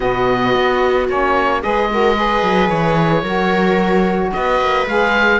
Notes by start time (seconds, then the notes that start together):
0.00 B2 B3 F#4 D#5
0.55 B3
1.09 A#3 C#4 C#5
1.62 G#3 G#4 B4 D#5
1.89 F#4 A#4
2.15 G#4 B4
2.42 F#3
2.69 E3 C#5
3.23 F#3 F#4 A#4
4.32 B3 B4 D#5
4.60 A#3
4.86 G#3 G#4 F5